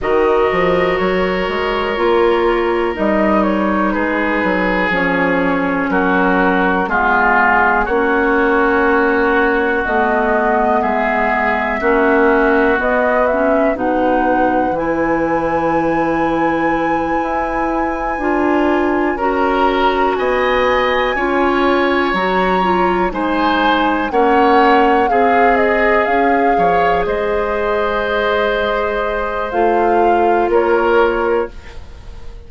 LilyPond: <<
  \new Staff \with { instrumentName = "flute" } { \time 4/4 \tempo 4 = 61 dis''4 cis''2 dis''8 cis''8 | b'4 cis''4 ais'4 gis'4 | cis''2 dis''4 e''4~ | e''4 dis''8 e''8 fis''4 gis''4~ |
gis''2.~ gis''8 ais''8~ | ais''8 gis''2 ais''4 gis''8~ | gis''8 fis''4 f''8 dis''8 f''4 dis''8~ | dis''2 f''4 cis''4 | }
  \new Staff \with { instrumentName = "oboe" } { \time 4/4 ais'1 | gis'2 fis'4 f'4 | fis'2. gis'4 | fis'2 b'2~ |
b'2.~ b'8 ais'8~ | ais'8 dis''4 cis''2 c''8~ | c''8 cis''4 gis'4. cis''8 c''8~ | c''2. ais'4 | }
  \new Staff \with { instrumentName = "clarinet" } { \time 4/4 fis'2 f'4 dis'4~ | dis'4 cis'2 b4 | cis'2 b2 | cis'4 b8 cis'8 dis'4 e'4~ |
e'2~ e'8 f'4 fis'8~ | fis'4. f'4 fis'8 f'8 dis'8~ | dis'8 cis'4 gis'2~ gis'8~ | gis'2 f'2 | }
  \new Staff \with { instrumentName = "bassoon" } { \time 4/4 dis8 f8 fis8 gis8 ais4 g4 | gis8 fis8 f4 fis4 gis4 | ais2 a4 gis4 | ais4 b4 b,4 e4~ |
e4. e'4 d'4 cis'8~ | cis'8 b4 cis'4 fis4 gis8~ | gis8 ais4 c'4 cis'8 f8 gis8~ | gis2 a4 ais4 | }
>>